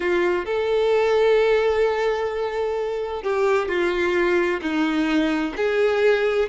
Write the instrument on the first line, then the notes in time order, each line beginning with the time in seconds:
violin
0.00 F4
0.45 A4
3.22 G4
3.68 F4
4.61 D#4
5.56 G#4